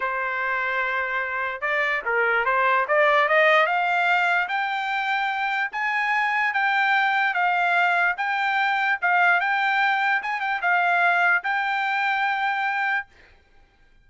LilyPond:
\new Staff \with { instrumentName = "trumpet" } { \time 4/4 \tempo 4 = 147 c''1 | d''4 ais'4 c''4 d''4 | dis''4 f''2 g''4~ | g''2 gis''2 |
g''2 f''2 | g''2 f''4 g''4~ | g''4 gis''8 g''8 f''2 | g''1 | }